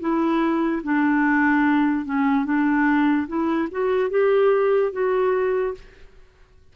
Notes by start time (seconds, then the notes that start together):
0.00 E4
0.83 D4
2.05 C#4
2.45 D4
3.28 E4
3.71 F#4
4.10 G4
4.92 F#4